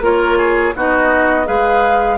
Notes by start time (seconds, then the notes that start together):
0.00 A#3 F4 A#4 C#5
0.38 G#4
0.75 B3 D#4 F#4 D#5
1.45 G#3 G#4 B4 F5